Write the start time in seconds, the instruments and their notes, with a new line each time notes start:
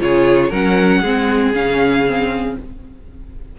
0.00 cello C#3, viola F4, violin G#4 C#5
0.50 cello F#3, viola C#4, violin A#4 F#5
1.01 cello G#3, viola C4, violin G#4
1.53 cello C#3, viola C#4, violin F5
2.07 viola C4